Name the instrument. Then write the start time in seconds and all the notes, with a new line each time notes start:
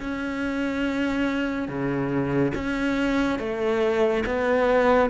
cello
0.00 C#4
1.69 C#3
2.55 C#4
3.40 A3
4.26 B3